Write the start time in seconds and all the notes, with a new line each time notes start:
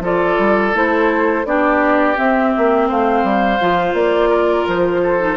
0.00 F3 F4 A4 D5
0.39 G3
0.74 A3 E4 C5
1.45 B3 D4 G4 D5
2.16 C4 E5
2.58 A#3
2.88 A3 C5 F5
3.24 G3
3.61 F3 F4
3.93 A#3 D5
4.30 A#4
4.67 F3 C5
5.03 A4
5.19 D#4